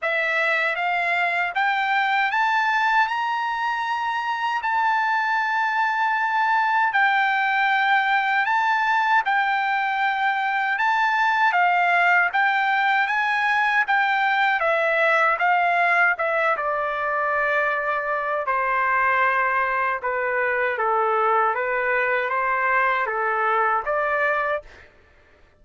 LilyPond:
\new Staff \with { instrumentName = "trumpet" } { \time 4/4 \tempo 4 = 78 e''4 f''4 g''4 a''4 | ais''2 a''2~ | a''4 g''2 a''4 | g''2 a''4 f''4 |
g''4 gis''4 g''4 e''4 | f''4 e''8 d''2~ d''8 | c''2 b'4 a'4 | b'4 c''4 a'4 d''4 | }